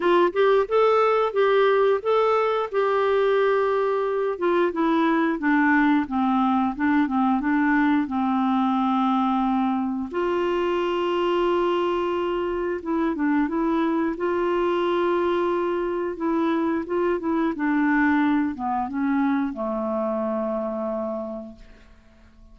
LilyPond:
\new Staff \with { instrumentName = "clarinet" } { \time 4/4 \tempo 4 = 89 f'8 g'8 a'4 g'4 a'4 | g'2~ g'8 f'8 e'4 | d'4 c'4 d'8 c'8 d'4 | c'2. f'4~ |
f'2. e'8 d'8 | e'4 f'2. | e'4 f'8 e'8 d'4. b8 | cis'4 a2. | }